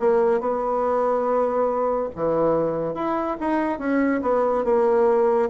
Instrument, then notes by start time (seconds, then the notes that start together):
bassoon
0.00 A#3
0.40 B3
2.15 E3
2.95 E4
3.40 D#4
3.79 C#4
4.23 B3
4.65 A#3